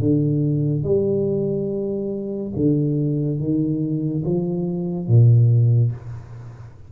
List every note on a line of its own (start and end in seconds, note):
0.00 0.84 D3
0.84 2.53 G3
2.57 3.40 D3
3.40 4.24 D#3
4.25 5.08 F3
5.08 5.92 A#2